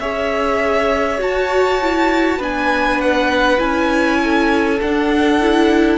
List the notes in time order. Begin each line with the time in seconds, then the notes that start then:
0.00 C#4 G#4 C#5 E5
1.19 F#4 A5
1.82 E4
2.38 B3 D4 B4 G#5
3.02 F#5
3.58 C#4 E4 G#5
4.24 A4
4.82 D4 F#5
5.41 E4